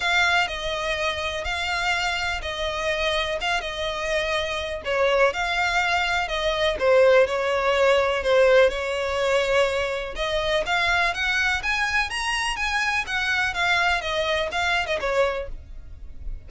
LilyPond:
\new Staff \with { instrumentName = "violin" } { \time 4/4 \tempo 4 = 124 f''4 dis''2 f''4~ | f''4 dis''2 f''8 dis''8~ | dis''2 cis''4 f''4~ | f''4 dis''4 c''4 cis''4~ |
cis''4 c''4 cis''2~ | cis''4 dis''4 f''4 fis''4 | gis''4 ais''4 gis''4 fis''4 | f''4 dis''4 f''8. dis''16 cis''4 | }